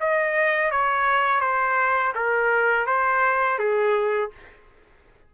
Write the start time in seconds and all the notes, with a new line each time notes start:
0.00 D#5
0.71 C#5
1.40 C5
2.15 A#4
2.86 C5
3.58 G#4